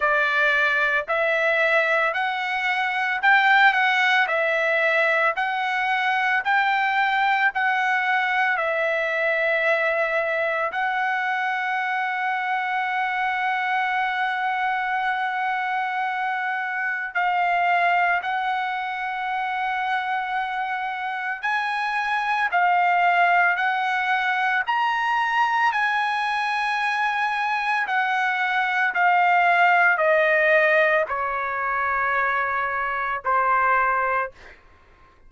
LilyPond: \new Staff \with { instrumentName = "trumpet" } { \time 4/4 \tempo 4 = 56 d''4 e''4 fis''4 g''8 fis''8 | e''4 fis''4 g''4 fis''4 | e''2 fis''2~ | fis''1 |
f''4 fis''2. | gis''4 f''4 fis''4 ais''4 | gis''2 fis''4 f''4 | dis''4 cis''2 c''4 | }